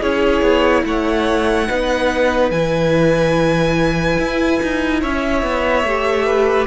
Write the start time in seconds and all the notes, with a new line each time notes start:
0.00 C#4 E4 G#4 C#5
0.42 B3
0.85 A3 C#5 F#5
1.68 B3 D#4 B4
2.51 E3 E4 G#5
4.20 E4
4.63 D#4
5.01 C#4 C#5 E5
5.43 B3
5.84 A3 G4
6.26 B4